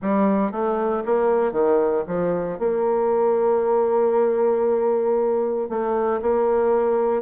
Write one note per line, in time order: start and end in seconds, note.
0.02 0.51 G3
0.51 1.03 A3
1.05 1.51 A#3
1.51 2.03 D#3
2.07 2.58 F3
2.59 5.69 A#3
5.69 6.20 A3
6.21 7.22 A#3